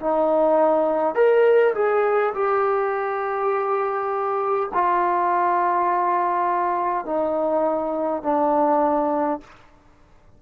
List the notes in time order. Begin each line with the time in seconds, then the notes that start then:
0.00 D#4
1.15 A#4
1.74 G#4
2.34 G4
4.74 F4
7.05 D#4
8.22 D4